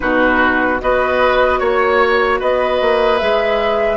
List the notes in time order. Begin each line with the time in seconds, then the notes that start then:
0.00 B2 D#4 F#4 B4
0.80 B3 F#4 B4 D#5
1.59 A#3 C#5
2.39 B3 B4 D#5
2.81 A#3
3.18 G#3 G#4 E5